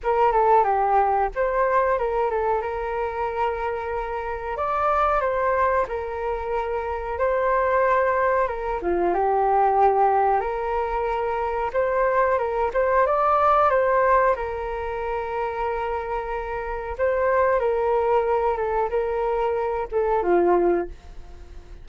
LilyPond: \new Staff \with { instrumentName = "flute" } { \time 4/4 \tempo 4 = 92 ais'8 a'8 g'4 c''4 ais'8 a'8 | ais'2. d''4 | c''4 ais'2 c''4~ | c''4 ais'8 f'8 g'2 |
ais'2 c''4 ais'8 c''8 | d''4 c''4 ais'2~ | ais'2 c''4 ais'4~ | ais'8 a'8 ais'4. a'8 f'4 | }